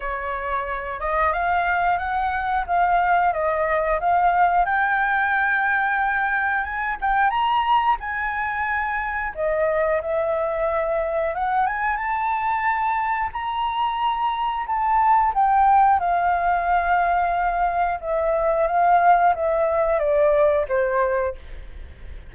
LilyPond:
\new Staff \with { instrumentName = "flute" } { \time 4/4 \tempo 4 = 90 cis''4. dis''8 f''4 fis''4 | f''4 dis''4 f''4 g''4~ | g''2 gis''8 g''8 ais''4 | gis''2 dis''4 e''4~ |
e''4 fis''8 gis''8 a''2 | ais''2 a''4 g''4 | f''2. e''4 | f''4 e''4 d''4 c''4 | }